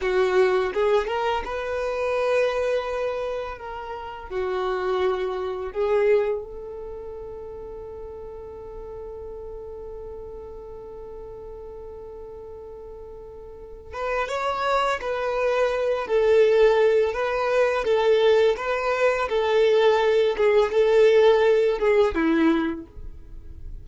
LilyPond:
\new Staff \with { instrumentName = "violin" } { \time 4/4 \tempo 4 = 84 fis'4 gis'8 ais'8 b'2~ | b'4 ais'4 fis'2 | gis'4 a'2.~ | a'1~ |
a'2.~ a'8 b'8 | cis''4 b'4. a'4. | b'4 a'4 b'4 a'4~ | a'8 gis'8 a'4. gis'8 e'4 | }